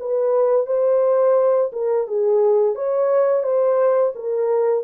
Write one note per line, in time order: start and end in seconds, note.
0.00 0.67 B4
0.67 1.71 C5
1.73 2.07 A#4
2.08 2.76 G#4
2.76 3.43 C#5
3.43 4.13 C5
4.15 4.84 A#4